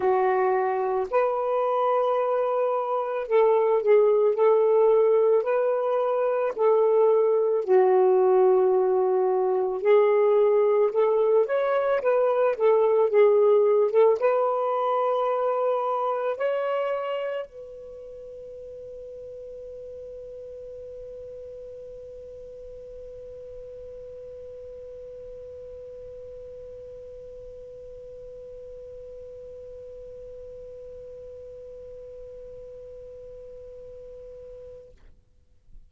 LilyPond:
\new Staff \with { instrumentName = "saxophone" } { \time 4/4 \tempo 4 = 55 fis'4 b'2 a'8 gis'8 | a'4 b'4 a'4 fis'4~ | fis'4 gis'4 a'8 cis''8 b'8 a'8 | gis'8. a'16 b'2 cis''4 |
b'1~ | b'1~ | b'1~ | b'1 | }